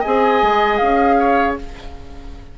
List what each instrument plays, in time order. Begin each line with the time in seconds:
0.00 clarinet G#4, oboe D#5, flute G#5
0.06 bassoon C4
0.42 bassoon G#3
0.77 bassoon C#4, flute F5
1.19 oboe C#5